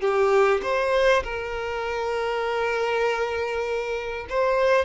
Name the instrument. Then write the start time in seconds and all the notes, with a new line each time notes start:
violin
0.00 G4
0.62 C5
1.23 A#4
4.29 C5